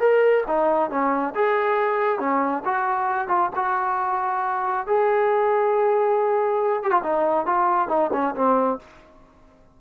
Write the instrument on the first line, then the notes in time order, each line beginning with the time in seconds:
trombone
0.00 A#4
0.47 D#4
0.90 C#4
1.35 G#4
2.19 C#4
2.65 F#4
3.28 F4
3.56 F#4
4.87 G#4
6.83 G4
6.91 F4
7.03 D#4
7.46 F4
7.89 D#4
8.13 C#4
8.35 C4